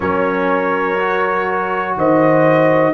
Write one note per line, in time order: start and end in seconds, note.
0.00 1.96 F#3
0.00 0.98 C#4
0.00 1.95 A#4
0.00 1.97 C#5
0.98 2.94 F#4
1.96 2.94 D#3
1.96 2.94 C5
1.96 2.94 D#5